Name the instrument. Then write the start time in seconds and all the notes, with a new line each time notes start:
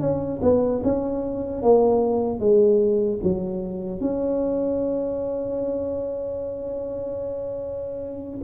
tuba
0.00 C#4
0.42 B3
0.84 C#4
1.62 A#3
2.40 G#3
3.23 F#3
4.00 C#4